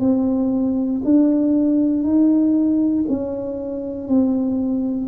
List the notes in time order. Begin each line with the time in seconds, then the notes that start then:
0.00 C4
1.04 D4
2.03 D#4
3.08 C#4
4.08 C4